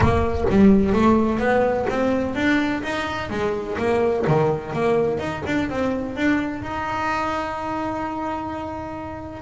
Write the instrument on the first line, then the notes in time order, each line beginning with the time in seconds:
double bass
0.00 A#3
0.50 G3
0.92 A3
1.39 B3
1.89 C4
2.35 D4
2.83 D#4
3.30 G#3
3.78 A#3
4.27 D#3
4.73 A#3
5.19 D#4
5.46 D4
5.69 C4
6.15 D4
6.62 D#4